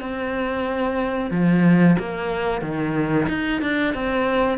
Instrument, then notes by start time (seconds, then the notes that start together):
cello
0.00 C4
1.30 F3
1.99 A#3
2.61 D#3
3.28 D#4
3.61 D4
3.94 C4